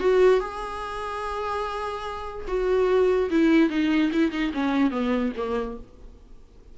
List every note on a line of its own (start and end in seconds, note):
0.00 0.41 F#4
0.41 2.46 G#4
2.48 3.30 F#4
3.31 3.70 E4
3.70 4.11 D#4
4.13 4.32 E4
4.32 4.52 D#4
4.54 4.91 C#4
4.91 5.32 B3
5.37 5.78 A#3